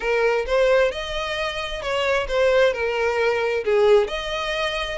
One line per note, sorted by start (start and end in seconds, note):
0.00 0.45 A#4
0.46 0.91 C5
0.91 1.82 D#5
1.82 2.27 C#5
2.28 2.73 C5
2.73 3.64 A#4
3.64 4.07 G#4
4.07 4.98 D#5